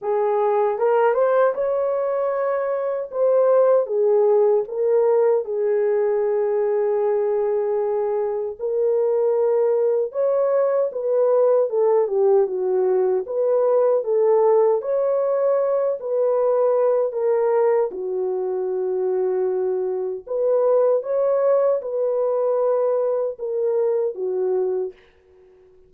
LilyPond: \new Staff \with { instrumentName = "horn" } { \time 4/4 \tempo 4 = 77 gis'4 ais'8 c''8 cis''2 | c''4 gis'4 ais'4 gis'4~ | gis'2. ais'4~ | ais'4 cis''4 b'4 a'8 g'8 |
fis'4 b'4 a'4 cis''4~ | cis''8 b'4. ais'4 fis'4~ | fis'2 b'4 cis''4 | b'2 ais'4 fis'4 | }